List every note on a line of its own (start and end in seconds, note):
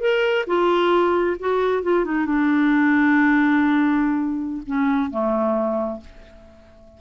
0.00 0.45 A#4
0.47 1.37 F4
1.40 1.83 F#4
1.83 2.05 F4
2.05 2.26 D#4
2.26 4.63 D4
4.67 5.10 C#4
5.10 6.00 A3